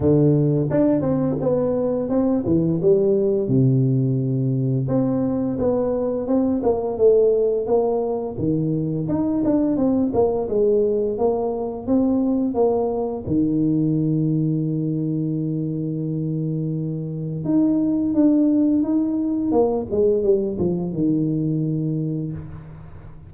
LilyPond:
\new Staff \with { instrumentName = "tuba" } { \time 4/4 \tempo 4 = 86 d4 d'8 c'8 b4 c'8 e8 | g4 c2 c'4 | b4 c'8 ais8 a4 ais4 | dis4 dis'8 d'8 c'8 ais8 gis4 |
ais4 c'4 ais4 dis4~ | dis1~ | dis4 dis'4 d'4 dis'4 | ais8 gis8 g8 f8 dis2 | }